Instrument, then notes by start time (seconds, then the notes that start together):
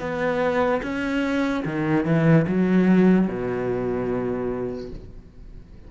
cello
0.00 B3
0.83 C#4
1.65 D#3
2.05 E3
2.48 F#3
3.28 B2